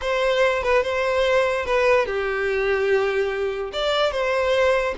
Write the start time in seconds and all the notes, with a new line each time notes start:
0.01 C5
0.63 B4
0.83 C5
1.65 B4
2.06 G4
3.72 D5
4.11 C5